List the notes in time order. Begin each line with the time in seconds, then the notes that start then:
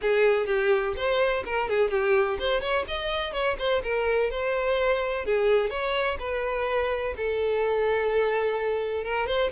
0.01 G#4
0.46 G4
0.96 C5
1.45 A#4
1.69 G#4
1.90 G4
2.39 C5
2.61 C#5
2.87 D#5
3.32 C#5
3.58 C5
3.83 A#4
4.30 C5
5.25 G#4
5.70 C#5
6.19 B4
7.17 A4
9.04 A#4
9.26 C5